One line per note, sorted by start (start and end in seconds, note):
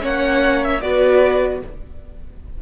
0.00 0.82 A#3
0.00 0.80 C#4
0.00 0.82 C#5
0.00 0.64 F#5
0.64 0.81 E5
0.81 1.62 B3
0.81 1.62 F#4
0.81 1.62 B4
0.81 1.61 D5